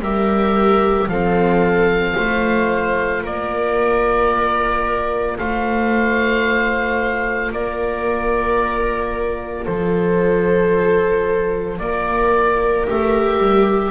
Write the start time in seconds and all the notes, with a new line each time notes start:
0.00 G3 G4 A#4 E5
1.08 F3 C4 A4 F5
2.16 A3 F4 C5
3.23 A#3 A#4 D5
5.39 A3 C5 F5
7.52 A#3 A#4 D5
9.65 F3 A4 C5
11.79 A#3 A#4 D5
12.87 A3 G4 E5
13.39 G3